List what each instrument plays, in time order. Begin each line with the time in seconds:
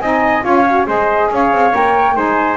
0.00 double bass C4, saxophone D#4, trumpet D#5, flute G#5
0.43 double bass C#4, saxophone F4, trumpet C#5, flute F5
0.68 saxophone F#4
0.86 double bass G#3, saxophone G#4, trumpet C5, flute D#5
1.32 double bass C#4, trumpet C#5, flute F5
1.52 double bass C4
1.73 double bass A#3, saxophone A#4, flute G5
2.15 double bass G#3, saxophone D#4, trumpet C5, flute G#5